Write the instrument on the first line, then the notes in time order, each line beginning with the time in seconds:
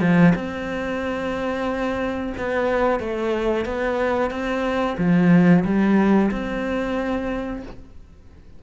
cello
0.00 F3
0.35 C4
2.37 B3
2.99 A3
3.65 B3
4.30 C4
4.98 F3
5.64 G3
6.31 C4